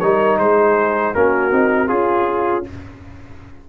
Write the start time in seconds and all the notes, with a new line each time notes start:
0.00 G3 D#4 A#4 C#5
0.39 G#3 G#4 C5
1.15 A#3 C#4 F#4 A#4
1.52 C4 D#4
1.88 C#4 F4 G#4